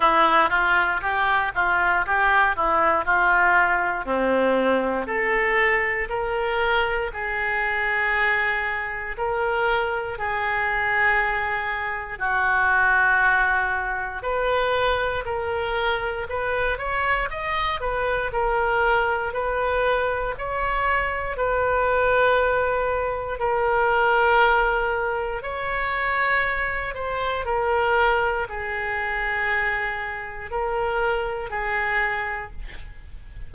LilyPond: \new Staff \with { instrumentName = "oboe" } { \time 4/4 \tempo 4 = 59 e'8 f'8 g'8 f'8 g'8 e'8 f'4 | c'4 a'4 ais'4 gis'4~ | gis'4 ais'4 gis'2 | fis'2 b'4 ais'4 |
b'8 cis''8 dis''8 b'8 ais'4 b'4 | cis''4 b'2 ais'4~ | ais'4 cis''4. c''8 ais'4 | gis'2 ais'4 gis'4 | }